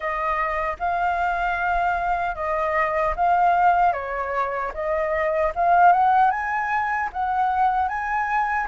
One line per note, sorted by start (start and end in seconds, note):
0.00 0.76 D#5
0.79 2.35 F5
2.35 3.14 D#5
3.16 3.93 F5
3.93 4.72 C#5
4.74 5.53 D#5
5.55 5.92 F5
5.92 6.31 F#5
6.31 7.09 G#5
7.12 7.88 F#5
7.88 8.67 G#5